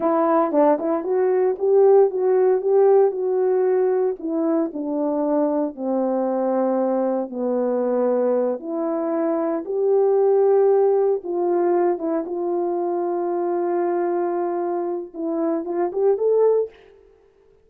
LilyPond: \new Staff \with { instrumentName = "horn" } { \time 4/4 \tempo 4 = 115 e'4 d'8 e'8 fis'4 g'4 | fis'4 g'4 fis'2 | e'4 d'2 c'4~ | c'2 b2~ |
b8 e'2 g'4.~ | g'4. f'4. e'8 f'8~ | f'1~ | f'4 e'4 f'8 g'8 a'4 | }